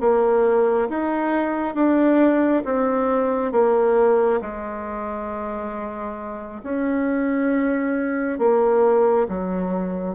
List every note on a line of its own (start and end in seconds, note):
0.00 0.88 A#3
0.89 1.74 D#4
1.74 2.63 D4
2.65 3.52 C4
3.52 4.40 A#3
4.41 6.61 G#3
6.63 8.38 C#4
8.38 9.26 A#3
9.28 10.15 F#3